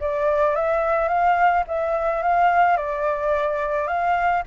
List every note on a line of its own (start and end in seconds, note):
0.00 0.55 D5
0.55 1.08 E5
1.08 1.64 F5
1.67 2.22 E5
2.22 2.77 F5
2.77 3.87 D5
3.87 4.43 F5